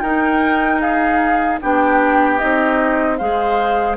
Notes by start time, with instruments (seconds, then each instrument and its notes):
0.00 bassoon D#4, clarinet D#4, oboe A#4, flute G5
0.80 oboe G#4, flute F5
1.61 bassoon B3, clarinet D4, oboe G4, flute G5
2.38 bassoon C4, clarinet D#4, flute D#5
3.17 bassoon G#3, clarinet G#4, oboe C5, flute F5